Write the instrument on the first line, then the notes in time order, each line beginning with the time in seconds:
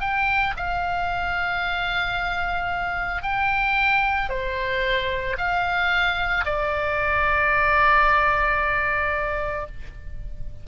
oboe
0.00 G5
0.56 F5
3.22 G5
4.30 C5
5.37 F5
6.45 D5